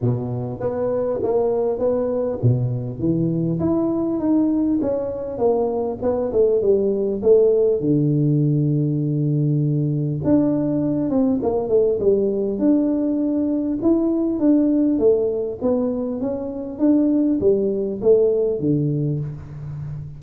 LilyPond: \new Staff \with { instrumentName = "tuba" } { \time 4/4 \tempo 4 = 100 b,4 b4 ais4 b4 | b,4 e4 e'4 dis'4 | cis'4 ais4 b8 a8 g4 | a4 d2.~ |
d4 d'4. c'8 ais8 a8 | g4 d'2 e'4 | d'4 a4 b4 cis'4 | d'4 g4 a4 d4 | }